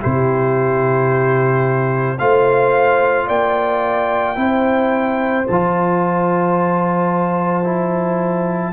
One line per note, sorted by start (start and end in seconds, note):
0.00 2.20 C3
0.00 2.18 E4
0.00 2.19 G4
0.00 2.19 C5
2.19 3.29 A3
2.19 4.36 F4
2.19 3.27 C5
2.19 3.28 F5
3.27 4.37 A#3
3.27 4.36 D5
3.27 5.47 G5
4.36 5.46 C4
4.36 5.45 E4
4.36 8.73 C5
5.47 8.73 F3
5.47 7.64 F4
5.47 8.73 A5
7.64 8.73 E4